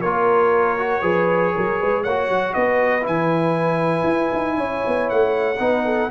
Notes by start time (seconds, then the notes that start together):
0.00 A#3 F4 A#4 C#5
0.78 F#4
1.02 F3 G#4 B4
1.55 F#3 A#4
1.79 G#3 B4
2.02 A#3 C#5 F#5
2.08 F#4
2.29 F#3
2.53 B3 B4 D#5
3.01 E3 E4 G#5
4.03 E4
4.33 D#4
4.56 C#4 C#5
4.87 B3
5.09 A3 F#5
5.59 B3 D#4 B4
5.85 A4